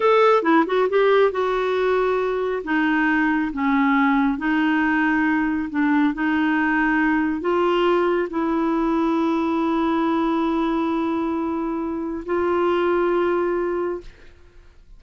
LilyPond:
\new Staff \with { instrumentName = "clarinet" } { \time 4/4 \tempo 4 = 137 a'4 e'8 fis'8 g'4 fis'4~ | fis'2 dis'2 | cis'2 dis'2~ | dis'4 d'4 dis'2~ |
dis'4 f'2 e'4~ | e'1~ | e'1 | f'1 | }